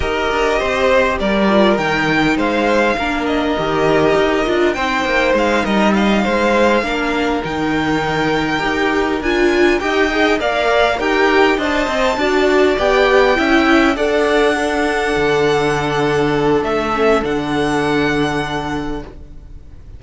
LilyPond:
<<
  \new Staff \with { instrumentName = "violin" } { \time 4/4 \tempo 4 = 101 dis''2 d''4 g''4 | f''4. dis''2~ dis''8 | g''4 f''8 dis''8 f''2~ | f''8 g''2. gis''8~ |
gis''8 g''4 f''4 g''4 a''8~ | a''4. g''2 fis''8~ | fis''1 | e''4 fis''2. | }
  \new Staff \with { instrumentName = "violin" } { \time 4/4 ais'4 c''4 ais'2 | c''4 ais'2. | c''4. ais'8 dis''8 c''4 ais'8~ | ais'1~ |
ais'8 dis''4 d''4 ais'4 dis''8~ | dis''8 d''2 e''4 d''8~ | d''8 a'2.~ a'8~ | a'1 | }
  \new Staff \with { instrumentName = "viola" } { \time 4/4 g'2~ g'8 f'8 dis'4~ | dis'4 d'4 g'4. f'8 | dis'2.~ dis'8 d'8~ | d'8 dis'2 g'4 f'8~ |
f'8 g'8 gis'8 ais'4 g'4 c''8~ | c''8 fis'4 g'4 e'4 a'8~ | a'8 d'2.~ d'8~ | d'8 cis'8 d'2. | }
  \new Staff \with { instrumentName = "cello" } { \time 4/4 dis'8 d'8 c'4 g4 dis4 | gis4 ais4 dis4 dis'8 d'8 | c'8 ais8 gis8 g4 gis4 ais8~ | ais8 dis2 dis'4 d'8~ |
d'8 dis'4 ais4 dis'4 d'8 | c'8 d'4 b4 cis'4 d'8~ | d'4. d2~ d8 | a4 d2. | }
>>